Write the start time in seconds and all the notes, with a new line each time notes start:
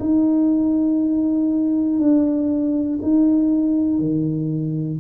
0.00 D#4
2.00 D4
3.02 D#4
3.99 D#3